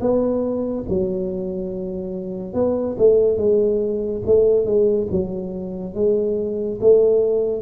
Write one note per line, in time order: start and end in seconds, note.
0.00 0.85 B3
0.89 2.54 F#3
2.54 2.96 B3
2.98 3.37 A3
3.37 4.22 G#3
4.26 4.65 A3
4.65 5.07 G#3
5.11 5.94 F#3
5.94 6.79 G#3
6.81 7.61 A3